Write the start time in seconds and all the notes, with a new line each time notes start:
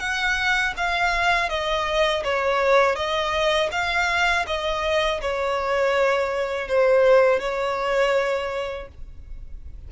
0.00 F#5
0.77 F5
1.49 D#5
2.25 C#5
2.96 D#5
3.72 F5
4.47 D#5
5.22 C#5
6.69 C5
7.40 C#5